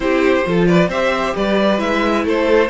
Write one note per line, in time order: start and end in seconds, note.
0.00 0.41 C4
0.00 0.44 E4
0.00 0.47 G4
0.00 0.66 C5
0.45 0.88 F3
0.45 0.90 F4
0.45 0.68 A4
0.66 0.88 B4
0.66 0.89 D5
0.88 1.33 C4
0.88 1.77 G4
0.88 1.33 C5
0.88 1.36 E5
1.35 1.80 G3
1.35 2.24 B4
1.35 1.79 D5
1.77 2.24 G#3
1.77 2.67 E4
1.77 2.25 E5
2.24 2.69 A3
2.24 2.69 A4
2.24 2.69 C5